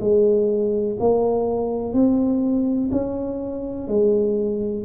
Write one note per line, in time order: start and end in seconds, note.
0.00 0.97 G#3
0.99 1.93 A#3
1.93 2.89 C4
2.91 3.88 C#4
3.88 4.84 G#3